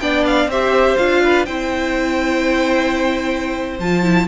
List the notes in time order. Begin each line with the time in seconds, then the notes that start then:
0.00 B3 D4 D5 G5
0.26 F5
0.47 C4 G4 C5 E5
0.97 D4 F4 F5
1.24 B4
1.46 C4 E4 C5 G5
3.80 F3 F4 A5
4.03 E4